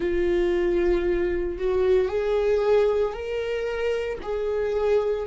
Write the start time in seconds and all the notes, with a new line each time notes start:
0.00 F4
1.58 F#4
2.08 G#4
3.13 A#4
4.22 G#4